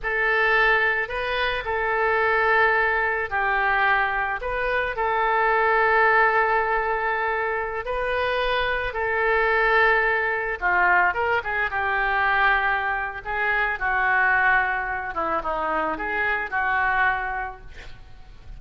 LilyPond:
\new Staff \with { instrumentName = "oboe" } { \time 4/4 \tempo 4 = 109 a'2 b'4 a'4~ | a'2 g'2 | b'4 a'2.~ | a'2~ a'16 b'4.~ b'16~ |
b'16 a'2. f'8.~ | f'16 ais'8 gis'8 g'2~ g'8. | gis'4 fis'2~ fis'8 e'8 | dis'4 gis'4 fis'2 | }